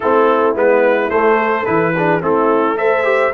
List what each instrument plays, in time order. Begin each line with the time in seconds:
0.00 tuba A3, trombone C4, horn E4, trumpet A4
0.55 tuba G#3, trombone B3, trumpet B4
1.10 tuba A3, trombone A3, trumpet C5
1.37 horn A4
1.65 tuba E3, trombone E4, trumpet B4
1.95 trombone D4, horn G#4
2.20 tuba A3, trombone C4, horn E4, trumpet A4
2.76 trombone A4, horn C5, trumpet E5
3.03 trombone G4